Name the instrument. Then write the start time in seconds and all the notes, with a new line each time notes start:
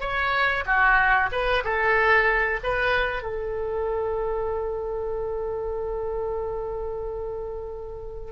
oboe
0.00 C#5
0.66 F#4
1.31 B4
1.64 A4
2.63 B4
3.22 A4